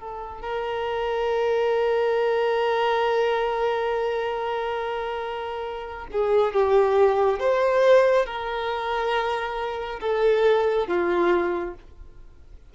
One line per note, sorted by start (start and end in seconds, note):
0.00 0.41 A4
0.41 6.06 A#4
6.11 6.53 G#4
6.53 7.39 G4
7.39 8.26 C5
8.26 10.00 A#4
10.00 10.87 A4
10.87 11.74 F4